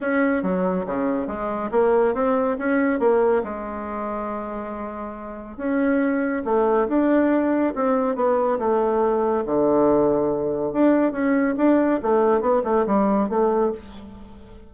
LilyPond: \new Staff \with { instrumentName = "bassoon" } { \time 4/4 \tempo 4 = 140 cis'4 fis4 cis4 gis4 | ais4 c'4 cis'4 ais4 | gis1~ | gis4 cis'2 a4 |
d'2 c'4 b4 | a2 d2~ | d4 d'4 cis'4 d'4 | a4 b8 a8 g4 a4 | }